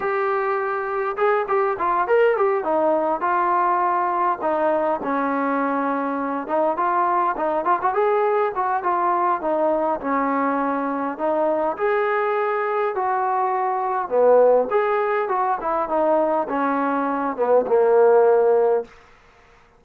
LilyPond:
\new Staff \with { instrumentName = "trombone" } { \time 4/4 \tempo 4 = 102 g'2 gis'8 g'8 f'8 ais'8 | g'8 dis'4 f'2 dis'8~ | dis'8 cis'2~ cis'8 dis'8 f'8~ | f'8 dis'8 f'16 fis'16 gis'4 fis'8 f'4 |
dis'4 cis'2 dis'4 | gis'2 fis'2 | b4 gis'4 fis'8 e'8 dis'4 | cis'4. b8 ais2 | }